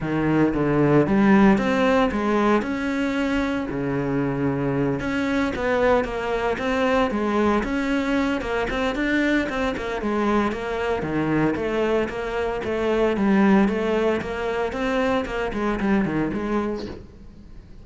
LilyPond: \new Staff \with { instrumentName = "cello" } { \time 4/4 \tempo 4 = 114 dis4 d4 g4 c'4 | gis4 cis'2 cis4~ | cis4. cis'4 b4 ais8~ | ais8 c'4 gis4 cis'4. |
ais8 c'8 d'4 c'8 ais8 gis4 | ais4 dis4 a4 ais4 | a4 g4 a4 ais4 | c'4 ais8 gis8 g8 dis8 gis4 | }